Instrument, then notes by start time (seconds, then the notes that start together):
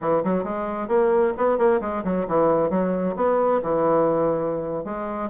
bassoon
0.01 E3
0.24 F#3
0.44 G#3
0.88 A#3
1.37 B3
1.58 A#3
1.80 G#3
2.04 F#3
2.27 E3
2.70 F#3
3.16 B3
3.62 E3
4.84 G#3